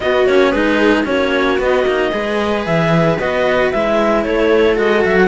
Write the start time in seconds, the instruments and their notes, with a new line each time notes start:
0.00 cello B3, viola F#4, clarinet D#5
0.25 cello A#3 C#4, clarinet C#5
0.50 cello G#3 D#4, viola G#4, clarinet B4
1.04 cello A#3 C#4, viola F#4, clarinet C#5
1.58 cello B3, clarinet D#5
1.83 cello A#3 D#4
2.11 cello G#3 G#4, viola B4
2.65 cello E3, clarinet E5
3.18 cello B3 F#4, clarinet D#5
3.71 cello G#3 E4, clarinet E5
4.23 cello A3, viola A4, clarinet C#5
4.75 cello G#3 F#4, clarinet D#5
5.04 cello F#3, clarinet E5
5.16 clarinet F#5